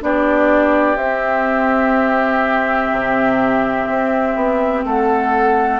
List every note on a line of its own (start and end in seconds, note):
0.00 0.95 B3
0.00 0.97 D4
0.00 4.85 G4
0.00 0.96 D5
0.95 2.89 C4
0.95 5.79 C4
0.95 4.83 E5
2.91 3.88 C3
3.88 4.35 C4
4.35 4.84 B3
4.84 5.79 A3
4.84 5.79 A4
4.84 5.79 F#5